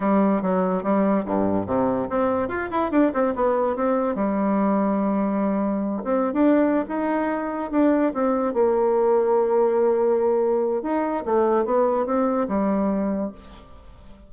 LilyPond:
\new Staff \with { instrumentName = "bassoon" } { \time 4/4 \tempo 4 = 144 g4 fis4 g4 g,4 | c4 c'4 f'8 e'8 d'8 c'8 | b4 c'4 g2~ | g2~ g8 c'8. d'8.~ |
d'8 dis'2 d'4 c'8~ | c'8 ais2.~ ais8~ | ais2 dis'4 a4 | b4 c'4 g2 | }